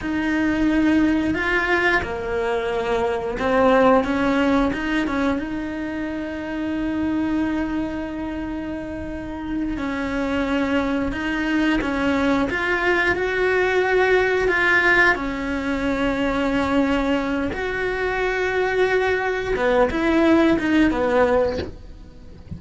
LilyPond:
\new Staff \with { instrumentName = "cello" } { \time 4/4 \tempo 4 = 89 dis'2 f'4 ais4~ | ais4 c'4 cis'4 dis'8 cis'8 | dis'1~ | dis'2~ dis'8 cis'4.~ |
cis'8 dis'4 cis'4 f'4 fis'8~ | fis'4. f'4 cis'4.~ | cis'2 fis'2~ | fis'4 b8 e'4 dis'8 b4 | }